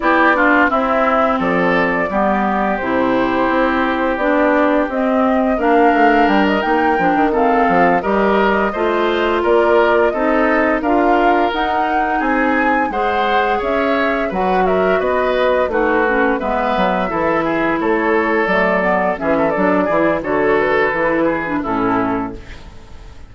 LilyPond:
<<
  \new Staff \with { instrumentName = "flute" } { \time 4/4 \tempo 4 = 86 d''4 e''4 d''2 | c''2 d''4 dis''4 | f''4 g''16 dis''16 g''4 f''4 dis''8~ | dis''4. d''4 dis''4 f''8~ |
f''8 fis''4 gis''4 fis''4 e''8~ | e''8 fis''8 e''8 dis''4 b'4 e''8~ | e''4. cis''4 d''4 e''8 | d''4 cis''8 b'4. a'4 | }
  \new Staff \with { instrumentName = "oboe" } { \time 4/4 g'8 f'8 e'4 a'4 g'4~ | g'1 | ais'2~ ais'8 a'4 ais'8~ | ais'8 c''4 ais'4 a'4 ais'8~ |
ais'4. gis'4 c''4 cis''8~ | cis''8 b'8 ais'8 b'4 fis'4 b'8~ | b'8 a'8 gis'8 a'2 gis'16 a'16~ | a'8 gis'8 a'4. gis'8 e'4 | }
  \new Staff \with { instrumentName = "clarinet" } { \time 4/4 e'8 d'8 c'2 b4 | e'2 d'4 c'4 | d'4. dis'8 d'8 c'4 g'8~ | g'8 f'2 dis'4 f'8~ |
f'8 dis'2 gis'4.~ | gis'8 fis'2 dis'8 cis'8 b8~ | b8 e'2 a8 b8 cis'8 | d'8 e'8 fis'4 e'8. d'16 cis'4 | }
  \new Staff \with { instrumentName = "bassoon" } { \time 4/4 b4 c'4 f4 g4 | c4 c'4 b4 c'4 | ais8 a8 g8 ais8 f16 dis8. f8 g8~ | g8 a4 ais4 c'4 d'8~ |
d'8 dis'4 c'4 gis4 cis'8~ | cis'8 fis4 b4 a4 gis8 | fis8 e4 a4 fis4 e8 | fis8 e8 d4 e4 a,4 | }
>>